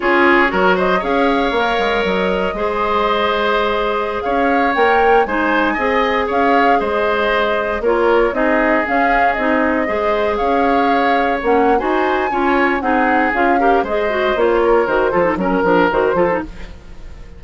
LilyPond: <<
  \new Staff \with { instrumentName = "flute" } { \time 4/4 \tempo 4 = 117 cis''4. dis''8 f''2 | dis''1~ | dis''16 f''4 g''4 gis''4.~ gis''16~ | gis''16 f''4 dis''2 cis''8.~ |
cis''16 dis''4 f''4 dis''4.~ dis''16~ | dis''16 f''2 fis''8. gis''4~ | gis''4 fis''4 f''4 dis''4 | cis''4 c''4 ais'4 c''4 | }
  \new Staff \with { instrumentName = "oboe" } { \time 4/4 gis'4 ais'8 c''8 cis''2~ | cis''4 c''2.~ | c''16 cis''2 c''4 dis''8.~ | dis''16 cis''4 c''2 ais'8.~ |
ais'16 gis'2. c''8.~ | c''16 cis''2~ cis''8. c''4 | cis''4 gis'4. ais'8 c''4~ | c''8 ais'4 a'8 ais'4. a'8 | }
  \new Staff \with { instrumentName = "clarinet" } { \time 4/4 f'4 fis'4 gis'4 ais'4~ | ais'4 gis'2.~ | gis'4~ gis'16 ais'4 dis'4 gis'8.~ | gis'2.~ gis'16 f'8.~ |
f'16 dis'4 cis'4 dis'4 gis'8.~ | gis'2~ gis'16 cis'8. fis'4 | f'4 dis'4 f'8 g'8 gis'8 fis'8 | f'4 fis'8 f'16 dis'16 cis'8 d'8 fis'8 f'16 dis'16 | }
  \new Staff \with { instrumentName = "bassoon" } { \time 4/4 cis'4 fis4 cis'4 ais8 gis8 | fis4 gis2.~ | gis16 cis'4 ais4 gis4 c'8.~ | c'16 cis'4 gis2 ais8.~ |
ais16 c'4 cis'4 c'4 gis8.~ | gis16 cis'2 ais8. dis'4 | cis'4 c'4 cis'4 gis4 | ais4 dis8 f8 fis8 f8 dis8 f8 | }
>>